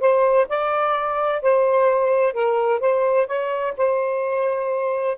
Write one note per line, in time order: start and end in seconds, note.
0.00 0.47 C5
0.49 1.42 D5
1.42 2.33 C5
2.33 2.80 A#4
2.80 3.27 C5
3.27 3.74 C#5
3.77 5.18 C5